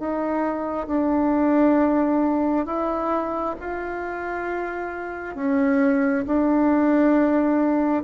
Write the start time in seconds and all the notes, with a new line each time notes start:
0.00 D#4
0.88 D4
2.66 E4
3.61 F4
5.36 C#4
6.27 D4